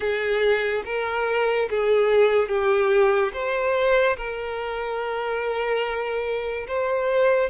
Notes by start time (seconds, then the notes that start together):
0.00 G#4
0.85 A#4
1.69 G#4
2.48 G4
3.33 C5
4.17 A#4
6.67 C5